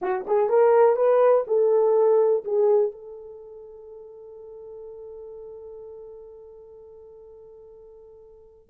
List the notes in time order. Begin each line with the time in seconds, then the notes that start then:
0.01 F#4
0.27 G#4
0.49 A#4
0.96 B4
1.47 A4
2.44 G#4
2.91 A4